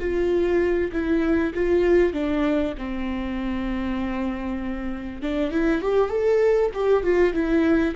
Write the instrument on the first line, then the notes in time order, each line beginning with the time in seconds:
viola
0.00 F4
0.93 E4
1.55 F4
2.13 D4
2.78 C4
5.23 D4
5.52 E4
5.82 G4
6.10 A4
6.74 G4
7.04 F4
7.34 E4